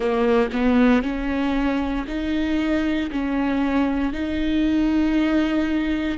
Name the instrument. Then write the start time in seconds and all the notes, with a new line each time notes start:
viola
0.00 A#3
0.52 B3
1.02 C#4
2.07 D#4
3.11 C#4
4.12 D#4